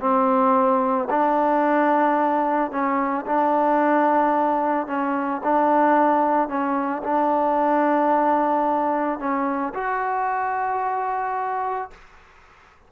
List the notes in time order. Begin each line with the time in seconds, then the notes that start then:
0.00 C4
1.10 D4
2.71 C#4
3.26 D4
4.87 C#4
5.44 D4
6.48 C#4
7.03 D4
9.19 C#4
9.74 F#4